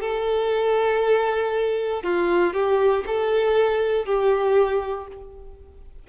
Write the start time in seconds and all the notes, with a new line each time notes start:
0.00 A4
2.03 F4
2.53 G4
3.06 A4
4.05 G4